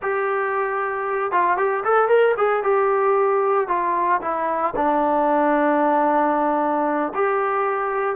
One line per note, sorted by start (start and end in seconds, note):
0.01 1.31 G4
1.31 1.57 F4
1.57 1.83 G4
1.84 2.08 A4
2.08 2.34 A#4
2.37 2.63 G#4
2.63 3.68 G4
3.68 4.20 F4
4.21 4.74 E4
4.76 7.12 D4
7.14 8.15 G4